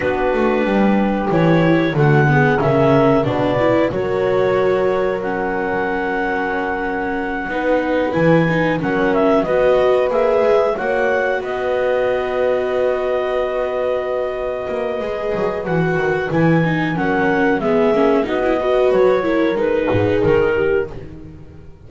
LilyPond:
<<
  \new Staff \with { instrumentName = "clarinet" } { \time 4/4 \tempo 4 = 92 b'2 cis''4 fis''4 | e''4 d''4 cis''2 | fis''1~ | fis''8 gis''4 fis''8 e''8 dis''4 e''8~ |
e''8 fis''4 dis''2~ dis''8~ | dis''1 | fis''4 gis''4 fis''4 e''4 | dis''4 cis''4 b'4 ais'4 | }
  \new Staff \with { instrumentName = "horn" } { \time 4/4 fis'4 g'2 fis'8 gis'8 | ais'4 b'4 ais'2~ | ais'2.~ ais'8 b'8~ | b'4. ais'4 b'4.~ |
b'8 cis''4 b'2~ b'8~ | b'1~ | b'2 ais'4 gis'4 | fis'8 b'4 ais'4 gis'4 g'8 | }
  \new Staff \with { instrumentName = "viola" } { \time 4/4 d'2 e'4 a8 b8 | cis'4 d'8 e'8 fis'2 | cis'2.~ cis'8 dis'8~ | dis'8 e'8 dis'8 cis'4 fis'4 gis'8~ |
gis'8 fis'2.~ fis'8~ | fis'2. gis'4 | fis'4 e'8 dis'8 cis'4 b8 cis'8 | dis'16 e'16 fis'4 e'8 dis'2 | }
  \new Staff \with { instrumentName = "double bass" } { \time 4/4 b8 a8 g4 e4 d4 | cis4 b,4 fis2~ | fis2.~ fis8 b8~ | b8 e4 fis4 b4 ais8 |
gis8 ais4 b2~ b8~ | b2~ b8 ais8 gis8 fis8 | e8 dis8 e4 fis4 gis8 ais8 | b4 fis4 gis8 gis,8 dis4 | }
>>